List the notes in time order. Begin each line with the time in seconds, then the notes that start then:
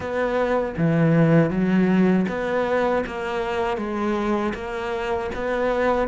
0.00 B3
0.77 E3
1.50 F#3
2.28 B3
3.06 A#3
3.77 G#3
4.54 A#3
5.34 B3